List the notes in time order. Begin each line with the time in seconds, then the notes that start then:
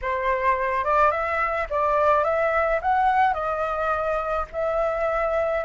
0.01 C5
0.84 D5
1.11 E5
1.70 D5
2.24 E5
2.81 F#5
3.33 D#5
4.52 E5